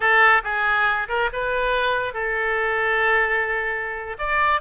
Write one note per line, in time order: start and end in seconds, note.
0.00 0.42 A4
0.43 1.08 G#4
1.08 1.29 A#4
1.33 2.13 B4
2.13 4.17 A4
4.18 4.61 D5